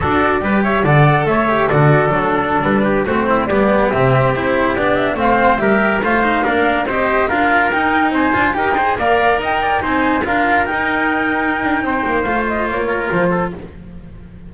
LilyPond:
<<
  \new Staff \with { instrumentName = "flute" } { \time 4/4 \tempo 4 = 142 d''4. e''8 fis''4 e''4 | d''4~ d''16 a'4 b'4 c''8.~ | c''16 d''4 e''4 c''4 d''8 e''16~ | e''16 f''4 e''4 f''4.~ f''16~ |
f''16 dis''4 f''4 g''4 gis''8.~ | gis''16 g''4 f''4 g''4 gis''8.~ | gis''16 f''4 g''2~ g''8.~ | g''4 f''8 dis''8 cis''4 c''4 | }
  \new Staff \with { instrumentName = "trumpet" } { \time 4/4 a'4 b'8 cis''8 d''4 cis''4 | a'2~ a'8. g'8 fis'8 e'16~ | e'16 g'2.~ g'8.~ | g'16 c''4 ais'4 c''4 ais'8.~ |
ais'16 c''4 ais'2 c''8.~ | c''16 ais'8 c''8 d''4 dis''8 d''8 c''8.~ | c''16 ais'2.~ ais'8. | c''2~ c''8 ais'4 a'8 | }
  \new Staff \with { instrumentName = "cello" } { \time 4/4 fis'4 g'4 a'4. g'8 | fis'4 d'2~ d'16 c'8.~ | c'16 b4 c'4 e'4 d'8.~ | d'16 c'4 g'4 f'8 dis'8 d'8.~ |
d'16 g'4 f'4 dis'4. f'16~ | f'16 g'8 gis'8 ais'2 dis'8.~ | dis'16 f'4 dis'2~ dis'8.~ | dis'4 f'2. | }
  \new Staff \with { instrumentName = "double bass" } { \time 4/4 d'4 g4 d4 a4 | d4 fis4~ fis16 g4 a8.~ | a16 g4 c4 c'4 b8.~ | b16 a4 g4 a4 ais8.~ |
ais16 c'4 d'4 dis'4 c'8 d'16~ | d'16 dis'4 ais4 dis'4 c'8.~ | c'16 d'4 dis'2~ dis'16 d'8 | c'8 ais8 a4 ais4 f4 | }
>>